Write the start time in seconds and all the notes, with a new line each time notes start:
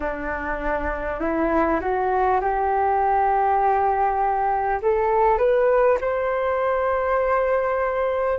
0.00 D4
1.20 E4
1.80 F#4
2.41 G4
4.82 A4
5.38 B4
6.00 C5